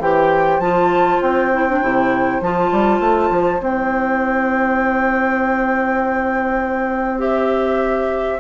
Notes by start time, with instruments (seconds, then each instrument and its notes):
0.00 bassoon E3, clarinet G4, oboe C5, flute G5
0.60 bassoon F3, clarinet F4, flute A5
1.22 bassoon C4, flute G5
1.54 clarinet E4
1.69 clarinet D4
1.83 bassoon C3, clarinet E4
2.41 bassoon F3, clarinet F4, flute A5
2.72 bassoon G3
3.00 bassoon A3
3.31 bassoon F3
3.61 bassoon C4, clarinet E4, flute G5
7.19 clarinet G4, flute E5